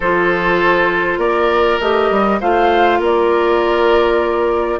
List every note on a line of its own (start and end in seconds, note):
0.00 1.17 F3
0.00 1.81 F4
0.00 1.19 A4
0.00 1.19 C5
1.17 1.77 A#3
1.17 2.39 A#4
1.17 1.79 D5
1.80 2.10 A3
1.80 2.41 G4
1.80 2.40 D#5
2.10 2.40 G3
2.40 2.99 A3
2.40 4.79 F4
2.40 2.99 C5
2.40 3.00 F5
2.99 4.79 A#3
2.99 4.79 A#4
2.99 4.79 D5